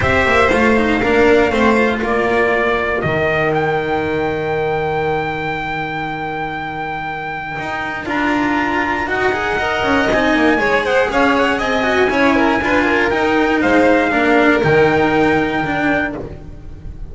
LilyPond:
<<
  \new Staff \with { instrumentName = "trumpet" } { \time 4/4 \tempo 4 = 119 e''4 f''2. | d''2 dis''4 g''4~ | g''1~ | g''1 |
ais''2 fis''2 | gis''4. fis''8 f''8 fis''8 gis''4~ | gis''2 g''4 f''4~ | f''4 g''2. | }
  \new Staff \with { instrumentName = "violin" } { \time 4/4 c''2 ais'4 c''4 | ais'1~ | ais'1~ | ais'1~ |
ais'2. dis''4~ | dis''4 cis''8 c''8 cis''4 dis''4 | cis''8 ais'8 b'8 ais'4. c''4 | ais'1 | }
  \new Staff \with { instrumentName = "cello" } { \time 4/4 g'4 f'8 dis'8 d'4 c'8 f'8~ | f'2 dis'2~ | dis'1~ | dis'1 |
f'2 fis'8 gis'8 ais'4 | dis'4 gis'2~ gis'8 fis'8 | e'4 f'4 dis'2 | d'4 dis'2 d'4 | }
  \new Staff \with { instrumentName = "double bass" } { \time 4/4 c'8 ais8 a4 ais4 a4 | ais2 dis2~ | dis1~ | dis2. dis'4 |
d'2 dis'4. cis'8 | c'8 ais8 gis4 cis'4 c'4 | cis'4 d'4 dis'4 gis4 | ais4 dis2. | }
>>